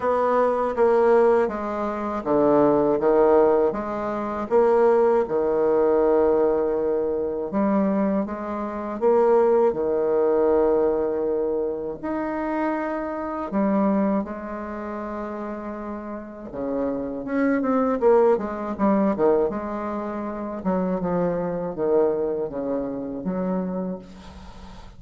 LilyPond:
\new Staff \with { instrumentName = "bassoon" } { \time 4/4 \tempo 4 = 80 b4 ais4 gis4 d4 | dis4 gis4 ais4 dis4~ | dis2 g4 gis4 | ais4 dis2. |
dis'2 g4 gis4~ | gis2 cis4 cis'8 c'8 | ais8 gis8 g8 dis8 gis4. fis8 | f4 dis4 cis4 fis4 | }